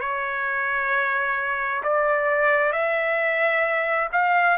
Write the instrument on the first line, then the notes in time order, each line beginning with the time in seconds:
trumpet
0.00 C#5
1.83 D5
2.72 E5
4.12 F5